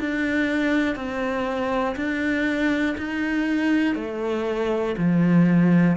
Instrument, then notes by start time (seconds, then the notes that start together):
cello
0.00 D4
0.96 C4
1.97 D4
2.98 D#4
3.96 A3
4.98 F3